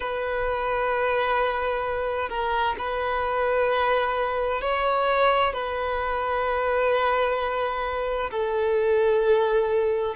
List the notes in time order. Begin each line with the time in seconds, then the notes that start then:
0.00 B4
2.29 A#4
2.78 B4
4.61 C#5
5.53 B4
8.30 A4